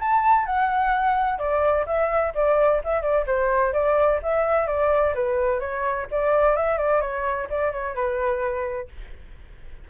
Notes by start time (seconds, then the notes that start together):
0.00 A5
0.46 F#5
1.39 D5
1.87 E5
2.35 D5
2.84 E5
3.02 D5
3.27 C5
3.73 D5
4.23 E5
4.67 D5
5.15 B4
5.60 C#5
6.12 D5
6.57 E5
6.78 D5
7.01 C#5
7.50 D5
7.72 C#5
7.95 B4